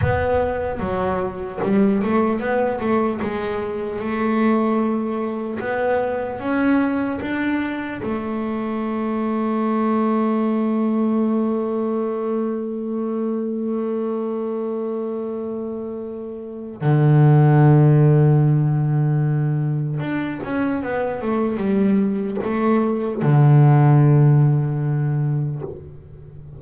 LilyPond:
\new Staff \with { instrumentName = "double bass" } { \time 4/4 \tempo 4 = 75 b4 fis4 g8 a8 b8 a8 | gis4 a2 b4 | cis'4 d'4 a2~ | a1~ |
a1~ | a4 d2.~ | d4 d'8 cis'8 b8 a8 g4 | a4 d2. | }